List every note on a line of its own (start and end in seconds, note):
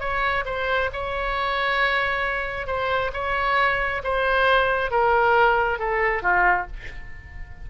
0.00 0.44 C#5
0.45 0.90 C5
0.93 2.67 C#5
2.67 3.11 C5
3.13 4.02 C#5
4.03 4.91 C5
4.91 5.79 A#4
5.79 6.22 A4
6.22 6.67 F4